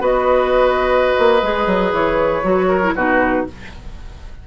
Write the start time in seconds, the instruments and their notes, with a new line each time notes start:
0.00 bassoon B3, clarinet F#4, oboe B4, flute D#5
1.19 bassoon A#3
1.42 bassoon G#3, clarinet G#4
1.67 bassoon F#3
1.92 bassoon E3, flute C#5
2.43 bassoon F#3, clarinet F#4
2.68 oboe A#4
2.83 clarinet E4
2.95 bassoon B2, clarinet D#4, oboe F#4, flute B4